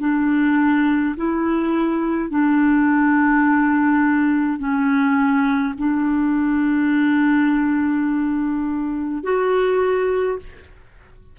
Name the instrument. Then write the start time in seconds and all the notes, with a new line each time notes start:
clarinet
0.00 D4
1.16 E4
2.30 D4
4.59 C#4
5.77 D4
9.24 F#4